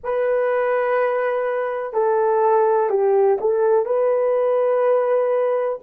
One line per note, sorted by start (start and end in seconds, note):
0.03 1.93 B4
1.93 2.89 A4
2.89 3.37 G4
3.40 3.85 A4
3.85 5.79 B4